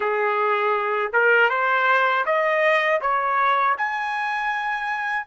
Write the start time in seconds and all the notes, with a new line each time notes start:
0.00 G#4
1.12 A#4
1.49 C5
2.25 D#5
3.01 C#5
3.77 G#5